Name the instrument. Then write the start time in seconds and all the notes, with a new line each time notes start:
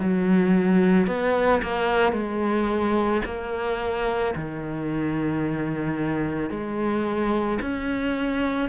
cello
0.00 F#3
1.08 B3
1.63 A#3
2.13 G#3
3.26 A#3
4.35 D#3
6.50 G#3
7.62 C#4